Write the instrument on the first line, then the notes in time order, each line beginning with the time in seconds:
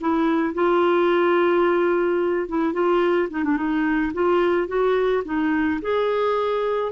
clarinet
0.00 E4
0.54 F4
2.48 E4
2.73 F4
3.30 D#4
3.44 D4
3.57 D#4
4.13 F4
4.67 F#4
5.25 D#4
5.81 G#4